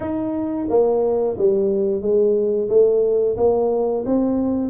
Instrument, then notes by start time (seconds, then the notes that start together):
tuba
0.00 D#4
0.69 A#3
1.38 G3
2.01 G#3
2.69 A3
3.36 A#3
4.05 C4